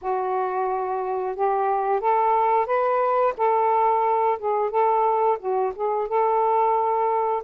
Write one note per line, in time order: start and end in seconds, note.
0.01 1.35 F#4
1.35 2.00 G4
2.00 2.66 A4
2.66 3.33 B4
3.37 4.38 A4
4.38 4.70 G#4
4.70 5.37 A4
5.39 5.72 F#4
5.75 6.08 G#4
6.08 7.42 A4